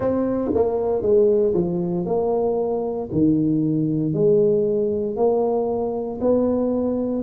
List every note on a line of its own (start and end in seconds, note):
0.00 0.51 C4
0.54 1.02 A#3
1.02 1.53 G#3
1.54 2.05 F3
2.05 3.09 A#3
3.11 4.13 D#3
4.13 5.16 G#3
5.16 6.19 A#3
6.20 7.22 B3